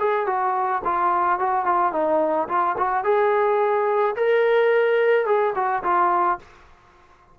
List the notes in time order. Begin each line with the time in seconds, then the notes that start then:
0.00 G#4
0.27 F#4
0.85 F4
1.40 F#4
1.66 F4
1.93 D#4
2.49 F4
2.78 F#4
3.04 G#4
4.16 A#4
5.26 G#4
5.56 F#4
5.84 F4